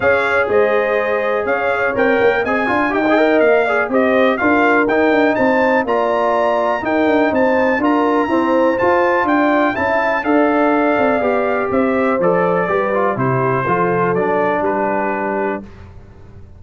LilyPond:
<<
  \new Staff \with { instrumentName = "trumpet" } { \time 4/4 \tempo 4 = 123 f''4 dis''2 f''4 | g''4 gis''4 g''4 f''4 | dis''4 f''4 g''4 a''4 | ais''2 g''4 a''4 |
ais''2 a''4 g''4 | a''4 f''2. | e''4 d''2 c''4~ | c''4 d''4 b'2 | }
  \new Staff \with { instrumentName = "horn" } { \time 4/4 cis''4 c''2 cis''4~ | cis''4 dis''8 f''8 dis''4. d''8 | c''4 ais'2 c''4 | d''2 ais'4 c''4 |
ais'4 c''2 d''4 | e''4 d''2. | c''2 b'4 g'4 | a'2 g'2 | }
  \new Staff \with { instrumentName = "trombone" } { \time 4/4 gis'1 | ais'4 gis'8 f'8 g'16 gis'16 ais'4 gis'8 | g'4 f'4 dis'2 | f'2 dis'2 |
f'4 c'4 f'2 | e'4 a'2 g'4~ | g'4 a'4 g'8 f'8 e'4 | f'4 d'2. | }
  \new Staff \with { instrumentName = "tuba" } { \time 4/4 cis'4 gis2 cis'4 | c'8 ais8 c'8 d'8 dis'4 ais4 | c'4 d'4 dis'8 d'8 c'4 | ais2 dis'8 d'8 c'4 |
d'4 e'4 f'4 d'4 | cis'4 d'4. c'8 b4 | c'4 f4 g4 c4 | f4 fis4 g2 | }
>>